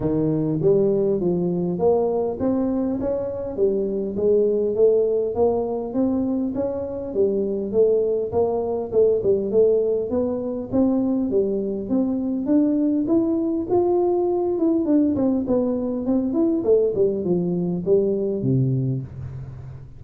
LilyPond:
\new Staff \with { instrumentName = "tuba" } { \time 4/4 \tempo 4 = 101 dis4 g4 f4 ais4 | c'4 cis'4 g4 gis4 | a4 ais4 c'4 cis'4 | g4 a4 ais4 a8 g8 |
a4 b4 c'4 g4 | c'4 d'4 e'4 f'4~ | f'8 e'8 d'8 c'8 b4 c'8 e'8 | a8 g8 f4 g4 c4 | }